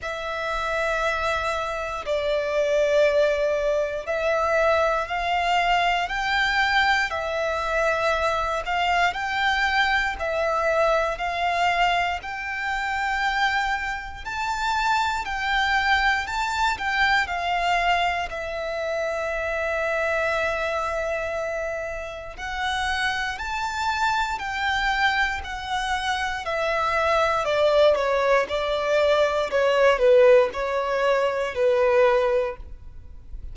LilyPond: \new Staff \with { instrumentName = "violin" } { \time 4/4 \tempo 4 = 59 e''2 d''2 | e''4 f''4 g''4 e''4~ | e''8 f''8 g''4 e''4 f''4 | g''2 a''4 g''4 |
a''8 g''8 f''4 e''2~ | e''2 fis''4 a''4 | g''4 fis''4 e''4 d''8 cis''8 | d''4 cis''8 b'8 cis''4 b'4 | }